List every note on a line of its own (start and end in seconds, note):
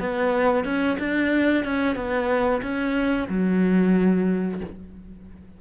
0.00 0.65 B3
0.65 0.98 C#4
1.00 1.65 D4
1.65 1.96 C#4
1.96 2.62 B3
2.63 3.28 C#4
3.29 4.61 F#3